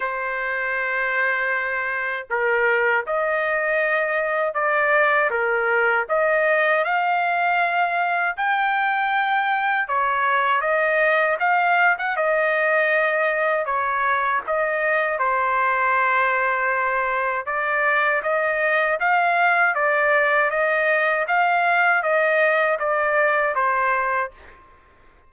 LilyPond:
\new Staff \with { instrumentName = "trumpet" } { \time 4/4 \tempo 4 = 79 c''2. ais'4 | dis''2 d''4 ais'4 | dis''4 f''2 g''4~ | g''4 cis''4 dis''4 f''8. fis''16 |
dis''2 cis''4 dis''4 | c''2. d''4 | dis''4 f''4 d''4 dis''4 | f''4 dis''4 d''4 c''4 | }